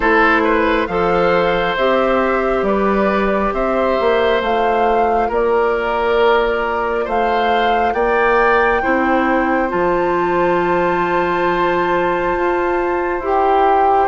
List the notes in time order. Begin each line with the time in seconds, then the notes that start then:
0.00 A3 E4 A4 C5
0.44 B4
0.86 F3 A4 C5 F5
1.76 C4 G4 E5
2.62 G3 B4 D5
3.53 C4 C5 E5
4.00 A#3
4.41 A3 F4 F5
5.28 A#3 A#4 D5
7.04 A3 C5 F5
7.92 A#3 D5 G5
8.81 C4 E4 C5
9.68 F3 F4 A5
12.35 F4
13.19 E4 G4
13.26 G5